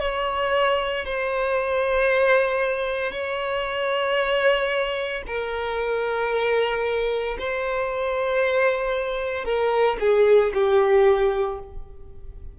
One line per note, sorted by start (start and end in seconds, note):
0.00 1.05 C#5
1.05 3.12 C5
3.12 5.22 C#5
5.27 7.37 A#4
7.39 9.44 C5
9.44 9.97 A#4
10.00 10.53 G#4
10.54 11.59 G4